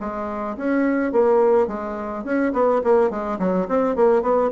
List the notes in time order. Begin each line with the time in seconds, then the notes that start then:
0.00 G#3
0.57 C#4
1.12 A#3
1.67 G#3
2.24 C#4
2.53 B3
2.84 A#3
3.10 G#3
3.39 F#3
3.68 C4
3.95 A#3
4.22 B3